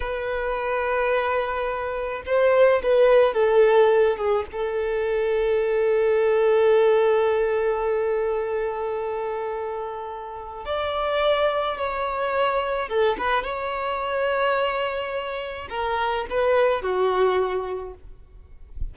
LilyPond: \new Staff \with { instrumentName = "violin" } { \time 4/4 \tempo 4 = 107 b'1 | c''4 b'4 a'4. gis'8 | a'1~ | a'1~ |
a'2. d''4~ | d''4 cis''2 a'8 b'8 | cis''1 | ais'4 b'4 fis'2 | }